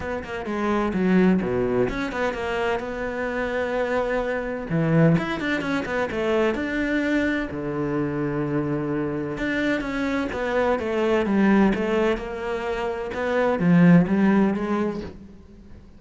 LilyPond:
\new Staff \with { instrumentName = "cello" } { \time 4/4 \tempo 4 = 128 b8 ais8 gis4 fis4 b,4 | cis'8 b8 ais4 b2~ | b2 e4 e'8 d'8 | cis'8 b8 a4 d'2 |
d1 | d'4 cis'4 b4 a4 | g4 a4 ais2 | b4 f4 g4 gis4 | }